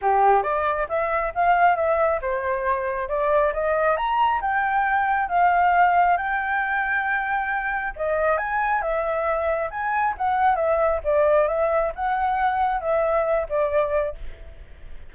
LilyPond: \new Staff \with { instrumentName = "flute" } { \time 4/4 \tempo 4 = 136 g'4 d''4 e''4 f''4 | e''4 c''2 d''4 | dis''4 ais''4 g''2 | f''2 g''2~ |
g''2 dis''4 gis''4 | e''2 gis''4 fis''4 | e''4 d''4 e''4 fis''4~ | fis''4 e''4. d''4. | }